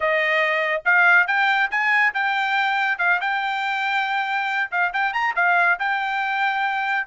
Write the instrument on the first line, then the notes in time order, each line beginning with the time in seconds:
trumpet
0.00 D#5
0.85 F5
1.27 G5
1.70 G#5
2.14 G5
2.98 F5
3.20 G5
4.71 F5
4.93 G5
5.13 A#5
5.35 F5
5.79 G5